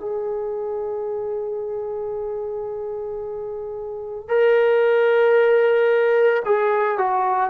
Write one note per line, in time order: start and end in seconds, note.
0.00 4.29 G#4
4.29 6.43 A#4
6.45 6.98 G#4
6.98 7.50 F#4